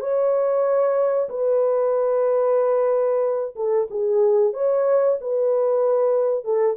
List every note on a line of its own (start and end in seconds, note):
0.00 1.29 C#5
1.29 3.55 B4
3.56 3.88 A4
3.91 4.53 G#4
4.53 5.18 C#5
5.21 6.45 B4
6.45 6.77 A4